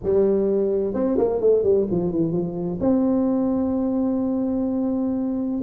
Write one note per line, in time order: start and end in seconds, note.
0.03 0.94 G3
0.94 1.17 C4
1.18 1.40 A#3
1.40 1.63 A3
1.63 1.86 G3
1.90 2.11 F3
2.11 2.32 E3
2.32 2.78 F3
2.80 5.61 C4